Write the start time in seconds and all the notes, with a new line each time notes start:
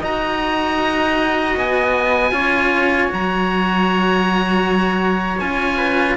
0.00 D#4 F#4 D#5 A#5
1.56 B3 G#5
2.31 C#4 F4 C#5
3.07 F#3 F#4 A#5
5.40 C#4 F4 G#5
5.77 B4